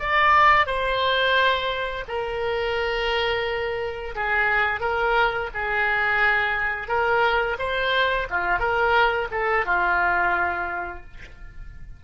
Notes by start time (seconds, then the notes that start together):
0.00 D5
0.67 C5
2.08 A#4
4.16 G#4
4.81 A#4
5.55 G#4
6.88 A#4
7.59 C5
8.30 F4
8.60 A#4
9.31 A4
9.66 F4